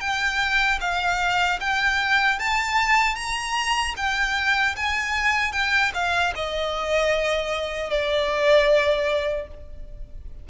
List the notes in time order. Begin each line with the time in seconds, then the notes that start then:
0.00 G5
0.80 F5
1.60 G5
2.39 A5
3.15 A#5
3.97 G5
4.76 G#5
5.52 G5
5.94 F5
6.35 D#5
7.90 D5